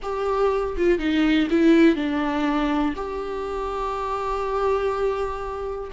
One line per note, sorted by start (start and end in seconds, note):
0.02 0.76 G4
0.76 0.98 F4
0.98 1.48 D#4
1.50 1.95 E4
1.95 2.94 D4
2.96 5.91 G4